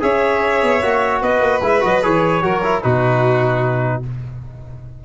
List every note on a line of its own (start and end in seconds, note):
0.00 0.62 C#4
0.00 0.81 G#4
0.00 1.22 C#5
0.00 1.22 E5
0.62 0.82 B3
0.81 1.21 A#3
0.81 1.61 F#4
1.21 1.40 B3
1.21 2.42 B4
1.21 1.62 D#5
1.40 1.60 A#3
1.61 1.81 G#3
1.61 1.80 E4
1.61 1.84 E5
1.80 2.04 F#3
1.80 2.00 F#4
1.80 2.03 D#5
2.02 2.43 E3
2.02 2.42 G#4
2.02 2.82 C#5
2.42 2.83 F#3
2.42 2.62 F#4
2.42 2.83 A#4
2.63 2.82 E4
2.82 4.05 B2
2.82 4.03 D#4
2.82 4.03 F#4
2.82 4.03 B4